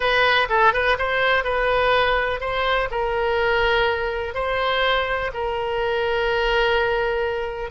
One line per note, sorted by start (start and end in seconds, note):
0.00 0.48 B4
0.49 0.73 A4
0.73 0.97 B4
0.98 1.44 C5
1.44 2.40 B4
2.40 2.89 C5
2.91 4.34 A#4
4.34 5.31 C5
5.33 7.70 A#4